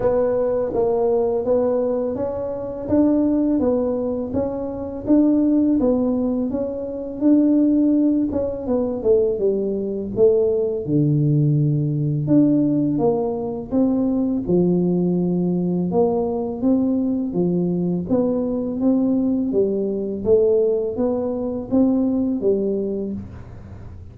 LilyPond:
\new Staff \with { instrumentName = "tuba" } { \time 4/4 \tempo 4 = 83 b4 ais4 b4 cis'4 | d'4 b4 cis'4 d'4 | b4 cis'4 d'4. cis'8 | b8 a8 g4 a4 d4~ |
d4 d'4 ais4 c'4 | f2 ais4 c'4 | f4 b4 c'4 g4 | a4 b4 c'4 g4 | }